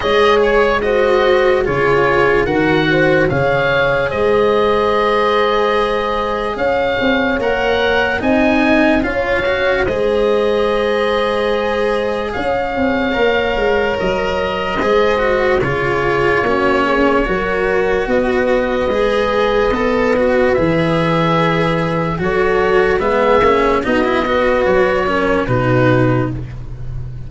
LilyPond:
<<
  \new Staff \with { instrumentName = "oboe" } { \time 4/4 \tempo 4 = 73 dis''8 cis''8 dis''4 cis''4 fis''4 | f''4 dis''2. | f''4 fis''4 gis''4 f''4 | dis''2. f''4~ |
f''4 dis''2 cis''4~ | cis''2 dis''2~ | dis''4 e''2 cis''4 | e''4 dis''4 cis''4 b'4 | }
  \new Staff \with { instrumentName = "horn" } { \time 4/4 cis''4 c''4 gis'4 ais'8 c''8 | cis''4 c''2. | cis''2 dis''4 cis''4 | c''2. cis''4~ |
cis''2 c''4 gis'4 | fis'8 gis'8 ais'4 b'2~ | b'2. a'4 | gis'4 fis'8 b'4 ais'8 fis'4 | }
  \new Staff \with { instrumentName = "cello" } { \time 4/4 gis'4 fis'4 f'4 fis'4 | gis'1~ | gis'4 ais'4 dis'4 f'8 fis'8 | gis'1 |
ais'2 gis'8 fis'8 f'4 | cis'4 fis'2 gis'4 | a'8 fis'8 gis'2 fis'4 | b8 cis'8 dis'16 e'16 fis'4 cis'8 dis'4 | }
  \new Staff \with { instrumentName = "tuba" } { \time 4/4 gis2 cis4 dis4 | cis4 gis2. | cis'8 c'8 ais4 c'4 cis'4 | gis2. cis'8 c'8 |
ais8 gis8 fis4 gis4 cis4 | ais4 fis4 b4 gis4 | b4 e2 fis4 | gis8 ais8 b4 fis4 b,4 | }
>>